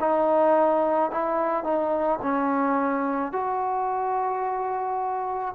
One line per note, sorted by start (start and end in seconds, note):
0.00 1.11 D#4
1.11 1.64 E4
1.64 2.19 D#4
2.22 3.32 C#4
3.32 5.55 F#4